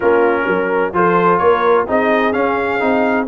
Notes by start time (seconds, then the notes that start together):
0.00 A#3 C#4 F4 A#4
0.46 F#3 A#4
0.92 F3 F4 A4 C5
1.38 A#3 A#4 C#5
1.87 C4 D#4 G#4 D#5
2.32 C#4 F5
2.79 C4 D#4